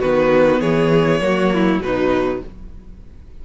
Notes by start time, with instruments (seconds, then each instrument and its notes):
0.00 cello D#3, viola B3, violin F#4 B4
0.61 cello E3, violin G#4 C#5
1.20 cello F#3, viola A#3, violin F#4
1.54 violin E4
1.80 cello B2, viola F#3, violin D#4 B4